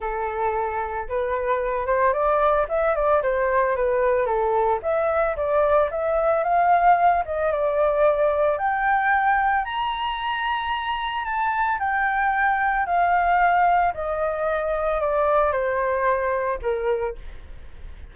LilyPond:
\new Staff \with { instrumentName = "flute" } { \time 4/4 \tempo 4 = 112 a'2 b'4. c''8 | d''4 e''8 d''8 c''4 b'4 | a'4 e''4 d''4 e''4 | f''4. dis''8 d''2 |
g''2 ais''2~ | ais''4 a''4 g''2 | f''2 dis''2 | d''4 c''2 ais'4 | }